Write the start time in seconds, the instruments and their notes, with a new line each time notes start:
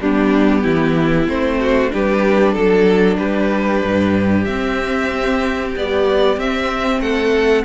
0.00 cello G3, viola B3, violin D4 G4
0.62 cello E3, violin E4
1.27 cello A3, viola C4, violin C5
1.60 violin F#4
1.90 cello G3, viola D4, violin G4 B4
2.53 cello F#3, violin A4
3.17 cello G3, violin G4 B4
3.83 cello G2
4.44 cello C4, viola C4, violin E5
5.75 viola G3, cello B3, violin D5
6.37 cello C4, viola C4, violin E5
7.00 cello A3, violin A4 F#5